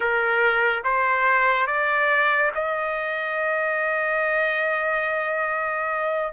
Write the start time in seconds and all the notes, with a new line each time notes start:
0.00 A#4
0.84 C5
1.66 D5
2.55 D#5